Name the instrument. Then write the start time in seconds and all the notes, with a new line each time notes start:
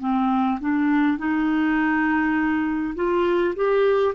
clarinet
0.00 C4
0.60 D4
1.18 D#4
2.95 F4
3.56 G4